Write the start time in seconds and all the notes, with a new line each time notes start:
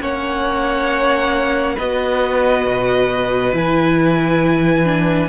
0.00 A#3 C#4 C#5 F#5
1.74 B3 F#4 B4 D#5
2.66 B2
3.53 E3 E4 G#5
4.84 D4